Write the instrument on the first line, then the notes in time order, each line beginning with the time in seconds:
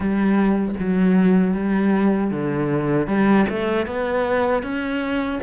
cello
0.00 G3
0.79 F#3
1.54 G3
2.30 D3
3.07 G3
3.49 A3
3.86 B3
4.62 C#4